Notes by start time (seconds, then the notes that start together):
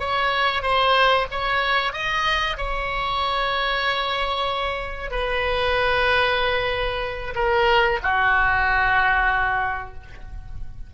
0.00 C#5
0.63 C5
1.32 C#5
1.94 D#5
2.57 C#5
5.11 B4
7.36 A#4
8.03 F#4